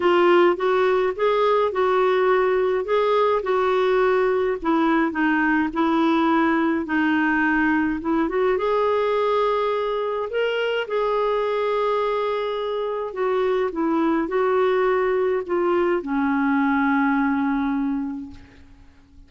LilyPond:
\new Staff \with { instrumentName = "clarinet" } { \time 4/4 \tempo 4 = 105 f'4 fis'4 gis'4 fis'4~ | fis'4 gis'4 fis'2 | e'4 dis'4 e'2 | dis'2 e'8 fis'8 gis'4~ |
gis'2 ais'4 gis'4~ | gis'2. fis'4 | e'4 fis'2 f'4 | cis'1 | }